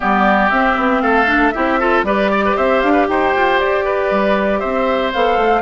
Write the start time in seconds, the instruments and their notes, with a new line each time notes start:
0.00 bassoon G3, clarinet B3, oboe G4, flute D5
0.49 bassoon C4, clarinet C4, flute E5
0.77 bassoon B3
1.01 bassoon A3, oboe A4, flute F5
1.26 clarinet D4
1.51 bassoon C4, clarinet E4, oboe G4, flute E5
1.79 clarinet F4, oboe A4
2.03 bassoon G3, clarinet G4, oboe B4, flute D5
2.31 oboe D5
2.44 oboe B4
2.56 bassoon C4, oboe C5, flute E5
2.81 bassoon D4, flute F5
2.92 oboe B4
3.08 bassoon D#4, oboe C5, flute G5
3.35 bassoon F4
3.59 bassoon G4, flute D5
3.85 oboe B4
4.10 bassoon G3
4.59 bassoon C4, oboe C5, flute E5
5.13 bassoon B3, clarinet A4, flute F5
5.37 bassoon A3